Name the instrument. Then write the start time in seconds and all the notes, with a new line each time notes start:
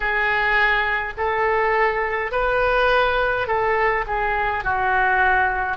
oboe
0.00 G#4
1.17 A4
2.31 B4
3.47 A4
4.06 G#4
4.64 F#4